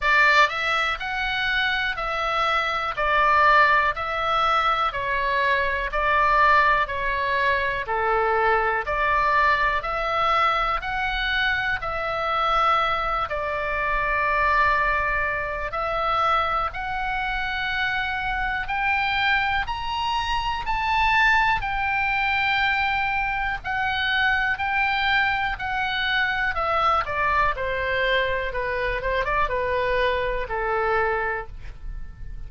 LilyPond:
\new Staff \with { instrumentName = "oboe" } { \time 4/4 \tempo 4 = 61 d''8 e''8 fis''4 e''4 d''4 | e''4 cis''4 d''4 cis''4 | a'4 d''4 e''4 fis''4 | e''4. d''2~ d''8 |
e''4 fis''2 g''4 | ais''4 a''4 g''2 | fis''4 g''4 fis''4 e''8 d''8 | c''4 b'8 c''16 d''16 b'4 a'4 | }